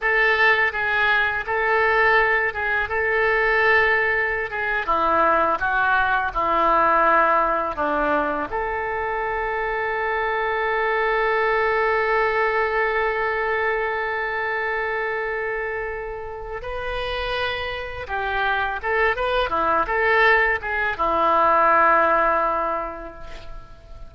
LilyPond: \new Staff \with { instrumentName = "oboe" } { \time 4/4 \tempo 4 = 83 a'4 gis'4 a'4. gis'8 | a'2~ a'16 gis'8 e'4 fis'16~ | fis'8. e'2 d'4 a'16~ | a'1~ |
a'1~ | a'2. b'4~ | b'4 g'4 a'8 b'8 e'8 a'8~ | a'8 gis'8 e'2. | }